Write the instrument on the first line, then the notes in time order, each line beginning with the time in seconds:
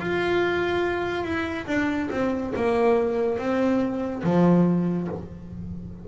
double bass
0.00 F4
1.24 E4
1.67 D4
2.11 C4
2.56 A#3
3.38 C4
4.24 F3